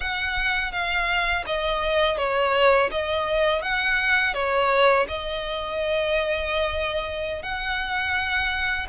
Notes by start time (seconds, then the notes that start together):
0.00 F#5
0.72 F5
1.46 D#5
2.17 C#5
2.91 D#5
3.61 F#5
4.34 C#5
5.08 D#5
7.42 F#5